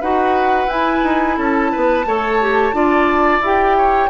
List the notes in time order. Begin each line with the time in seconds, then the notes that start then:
0.00 D#4 F#4 B4 F#5
0.66 E4 G#5
1.03 D#4
1.37 C#4 A4 A5
1.71 B3 B4
2.05 A3 A4 C#5
2.40 G4
2.72 D4 F4 D5
3.40 E4 G4 G5
3.77 C#5